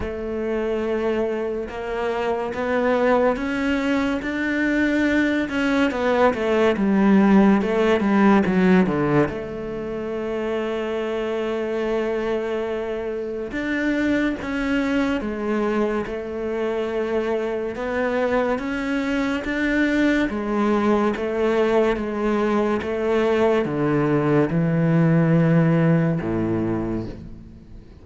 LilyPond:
\new Staff \with { instrumentName = "cello" } { \time 4/4 \tempo 4 = 71 a2 ais4 b4 | cis'4 d'4. cis'8 b8 a8 | g4 a8 g8 fis8 d8 a4~ | a1 |
d'4 cis'4 gis4 a4~ | a4 b4 cis'4 d'4 | gis4 a4 gis4 a4 | d4 e2 a,4 | }